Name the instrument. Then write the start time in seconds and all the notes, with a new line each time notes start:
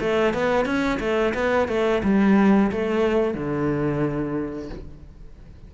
cello
0.00 A3
0.33 B3
0.65 C#4
1.00 A3
1.34 B3
1.68 A3
2.03 G3
2.71 A3
3.34 D3